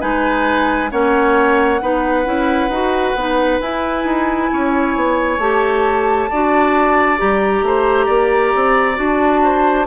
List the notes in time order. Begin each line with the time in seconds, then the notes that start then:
0.00 G#3 D#4 B4 G#5
0.90 A#3 C#4 C#5 F#5
1.81 B3 D#4 B4
2.25 C#4 E4
2.68 D#4 F#4
3.15 B3 D#4
3.60 E4 G#5
4.04 D#4
4.52 C#4 C#5
4.95 B3
5.37 A3 G4 A5
6.30 D4 F#4 D5
7.17 G3 G4 A#5
7.62 A3 C5
8.05 A#3 D5
8.55 C4
8.95 D4 F#4 A5
9.44 C5